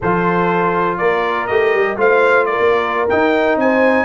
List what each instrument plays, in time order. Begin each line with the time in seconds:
0.00 tuba F3, trombone F4, horn A4, trumpet C5
0.97 tuba A#3, horn A#4, trumpet D5
1.46 tuba A3, trombone G4, trumpet D#5
1.74 tuba G3
1.96 tuba A3, trombone F4, horn C5, trumpet F5
2.45 horn A#4, trumpet D5
2.59 tuba A#3
3.09 trombone D#4, tuba D#4, trumpet G5
3.56 tuba C4, horn C5, trumpet G#5